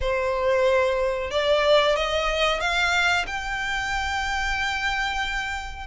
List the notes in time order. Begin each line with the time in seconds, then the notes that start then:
0.00 C5
1.30 D5
1.96 D#5
2.60 F5
3.26 G5